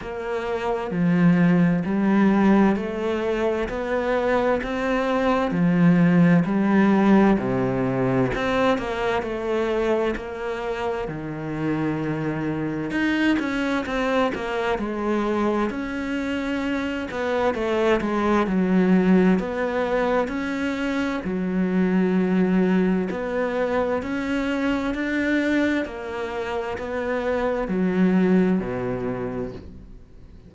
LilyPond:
\new Staff \with { instrumentName = "cello" } { \time 4/4 \tempo 4 = 65 ais4 f4 g4 a4 | b4 c'4 f4 g4 | c4 c'8 ais8 a4 ais4 | dis2 dis'8 cis'8 c'8 ais8 |
gis4 cis'4. b8 a8 gis8 | fis4 b4 cis'4 fis4~ | fis4 b4 cis'4 d'4 | ais4 b4 fis4 b,4 | }